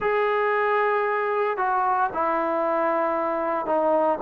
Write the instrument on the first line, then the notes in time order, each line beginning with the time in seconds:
trombone
0.00 G#4
1.57 F#4
2.13 E4
3.66 D#4